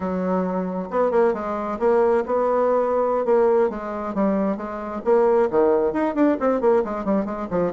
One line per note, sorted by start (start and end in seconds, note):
0.00 0.88 F#3
0.90 1.11 B3
1.11 1.33 A#3
1.33 1.78 G#3
1.79 2.23 A#3
2.26 3.25 B3
3.25 3.69 A#3
3.69 4.14 G#3
4.14 4.56 G3
4.56 5.01 G#3
5.04 5.49 A#3
5.50 5.92 D#3
5.92 6.14 D#4
6.14 6.37 D4
6.40 6.60 C4
6.60 6.83 A#3
6.84 7.04 G#3
7.04 7.25 G3
7.25 7.47 G#3
7.50 7.72 F3